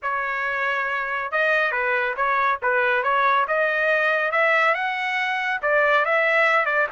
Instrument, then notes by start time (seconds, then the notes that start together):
trumpet
0.02 C#5
1.31 D#5
1.71 B4
2.16 C#5
2.62 B4
3.03 C#5
3.47 D#5
4.31 E5
4.74 F#5
5.62 D5
6.05 E5
6.65 D5